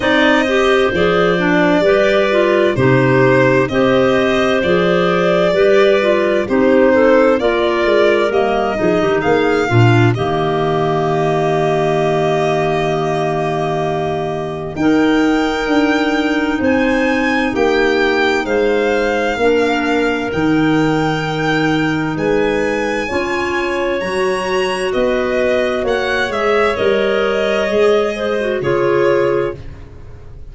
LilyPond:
<<
  \new Staff \with { instrumentName = "violin" } { \time 4/4 \tempo 4 = 65 dis''4 d''2 c''4 | dis''4 d''2 c''4 | d''4 dis''4 f''4 dis''4~ | dis''1 |
g''2 gis''4 g''4 | f''2 g''2 | gis''2 ais''4 dis''4 | fis''8 e''8 dis''2 cis''4 | }
  \new Staff \with { instrumentName = "clarinet" } { \time 4/4 d''8 c''4. b'4 g'4 | c''2 b'4 g'8 a'8 | ais'4. gis'16 g'16 gis'8 f'8 g'4~ | g'1 |
ais'2 c''4 g'4 | c''4 ais'2. | b'4 cis''2 b'4 | cis''2~ cis''8 c''8 gis'4 | }
  \new Staff \with { instrumentName = "clarinet" } { \time 4/4 dis'8 g'8 gis'8 d'8 g'8 f'8 dis'4 | g'4 gis'4 g'8 f'8 dis'4 | f'4 ais8 dis'4 d'8 ais4~ | ais1 |
dis'1~ | dis'4 d'4 dis'2~ | dis'4 f'4 fis'2~ | fis'8 gis'8 ais'4 gis'8. fis'16 f'4 | }
  \new Staff \with { instrumentName = "tuba" } { \time 4/4 c'4 f4 g4 c4 | c'4 f4 g4 c'4 | ais8 gis8 g8 f16 dis16 ais8 ais,8 dis4~ | dis1 |
dis'4 d'4 c'4 ais4 | gis4 ais4 dis2 | gis4 cis'4 fis4 b4 | ais8 gis8 g4 gis4 cis4 | }
>>